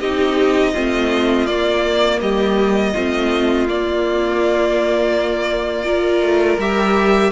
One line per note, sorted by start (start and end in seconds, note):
0.00 0.74 C4
0.00 0.75 D#4
0.00 0.73 G4
0.00 1.47 D#5
0.73 1.48 A3
0.73 1.48 C4
0.73 2.19 F4
1.47 2.21 A#3
1.47 2.95 A#3
1.47 2.20 D5
2.21 2.94 G3
2.21 2.93 G4
2.21 3.67 D#5
2.93 3.67 A3
2.93 3.68 C4
2.93 5.86 F4
3.67 6.21 A#3
3.67 5.85 A#3
3.67 6.60 D5
5.85 6.58 F4
5.85 7.32 A#4
6.21 6.58 A3
6.58 7.31 G3
6.58 7.32 G4
6.58 7.32 E5